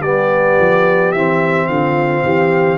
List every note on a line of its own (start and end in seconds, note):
0.00 0.56 G3
0.00 1.15 B3
0.00 1.67 G4
0.00 1.12 D5
0.59 1.13 F3
1.12 1.68 E3
1.12 2.78 C4
1.12 1.67 E5
1.67 2.23 D3
1.67 2.24 F4
1.67 2.78 F5
2.24 2.78 E3
2.24 2.78 G4